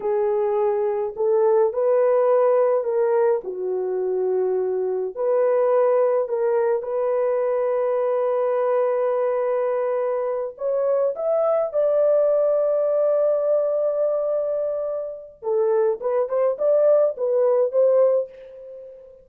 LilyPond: \new Staff \with { instrumentName = "horn" } { \time 4/4 \tempo 4 = 105 gis'2 a'4 b'4~ | b'4 ais'4 fis'2~ | fis'4 b'2 ais'4 | b'1~ |
b'2~ b'8 cis''4 e''8~ | e''8 d''2.~ d''8~ | d''2. a'4 | b'8 c''8 d''4 b'4 c''4 | }